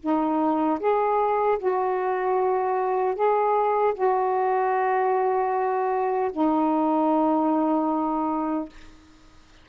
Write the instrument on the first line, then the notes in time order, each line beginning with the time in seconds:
saxophone
0.00 D#4
0.79 G#4
1.58 F#4
3.15 G#4
3.94 F#4
6.32 D#4